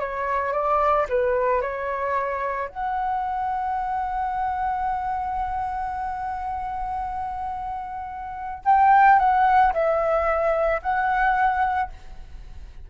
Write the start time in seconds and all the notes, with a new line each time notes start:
0.00 C#5
0.53 D5
1.09 B4
1.62 C#5
2.69 F#5
8.65 G5
9.19 F#5
9.73 E5
10.83 F#5